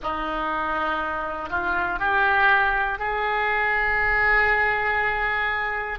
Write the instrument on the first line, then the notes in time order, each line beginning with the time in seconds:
oboe
0.03 D#4
1.49 F4
1.99 G4
2.99 G#4